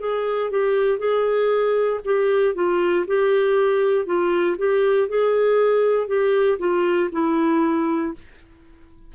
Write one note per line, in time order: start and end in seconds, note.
0.00 0.51 G#4
0.51 0.99 G4
0.99 2.01 G#4
2.05 2.55 G4
2.55 3.06 F4
3.07 4.06 G4
4.06 4.57 F4
4.58 5.09 G4
5.09 6.08 G#4
6.08 6.59 G4
6.59 7.10 F4
7.12 8.14 E4